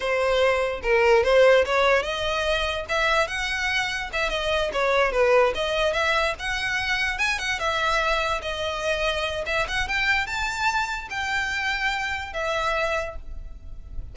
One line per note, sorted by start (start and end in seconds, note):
0.00 0.80 C5
0.83 1.23 A#4
1.23 1.64 C5
1.65 2.02 C#5
2.02 2.85 D#5
2.89 3.27 E5
3.27 4.09 F#5
4.13 4.29 E5
4.29 4.70 D#5
4.72 5.12 C#5
5.12 5.53 B4
5.54 5.93 D#5
5.93 6.34 E5
6.39 7.18 F#5
7.18 7.38 G#5
7.38 7.59 F#5
7.59 8.41 E5
8.42 9.44 D#5
9.46 9.66 E5
9.68 9.87 F#5
9.87 10.26 G5
10.26 11.08 A5
11.10 12.33 G5
12.33 13.15 E5